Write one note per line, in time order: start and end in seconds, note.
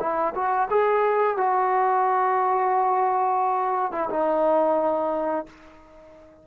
0.00 0.34 E4
0.35 0.69 F#4
0.70 1.37 G#4
1.37 3.92 F#4
3.92 4.09 E4
4.10 5.46 D#4